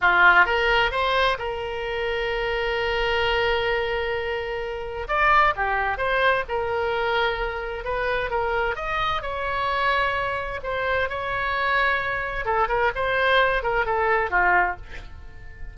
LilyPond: \new Staff \with { instrumentName = "oboe" } { \time 4/4 \tempo 4 = 130 f'4 ais'4 c''4 ais'4~ | ais'1~ | ais'2. d''4 | g'4 c''4 ais'2~ |
ais'4 b'4 ais'4 dis''4 | cis''2. c''4 | cis''2. a'8 ais'8 | c''4. ais'8 a'4 f'4 | }